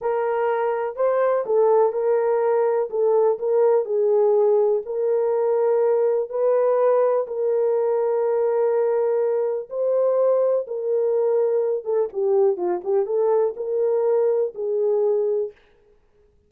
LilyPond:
\new Staff \with { instrumentName = "horn" } { \time 4/4 \tempo 4 = 124 ais'2 c''4 a'4 | ais'2 a'4 ais'4 | gis'2 ais'2~ | ais'4 b'2 ais'4~ |
ais'1 | c''2 ais'2~ | ais'8 a'8 g'4 f'8 g'8 a'4 | ais'2 gis'2 | }